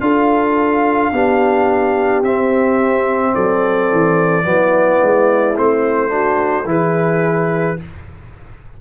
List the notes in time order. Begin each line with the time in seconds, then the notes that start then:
0.00 D4 F4 A4 F5
1.12 B3 D4 G4
2.23 C4 E5
3.35 F#3 A4 D5
3.91 E3
4.43 F#3 B3 E4
5.03 G#3
5.56 A3 C4 C5
6.09 D4 F#4
6.66 E3 E4 G#4 B4